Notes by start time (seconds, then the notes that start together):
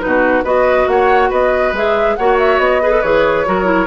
0.00 B2 D#4 F#4 B4
0.44 B3 F#4 B4 D#5
0.87 A#3 C#5 F#5
1.29 B3 B4 D#5
1.73 G#3 G#4 E5
2.16 A#3 F#4 C#5 F#5
2.38 E5
2.58 B3 D#5
2.82 G#4 B4
2.91 A4
3.02 E3 G#4 C#5
3.46 F#3 F#4 A#4
3.64 E4